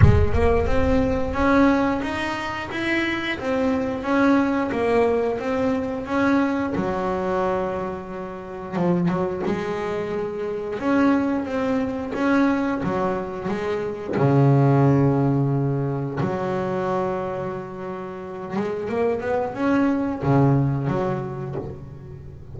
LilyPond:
\new Staff \with { instrumentName = "double bass" } { \time 4/4 \tempo 4 = 89 gis8 ais8 c'4 cis'4 dis'4 | e'4 c'4 cis'4 ais4 | c'4 cis'4 fis2~ | fis4 f8 fis8 gis2 |
cis'4 c'4 cis'4 fis4 | gis4 cis2. | fis2.~ fis8 gis8 | ais8 b8 cis'4 cis4 fis4 | }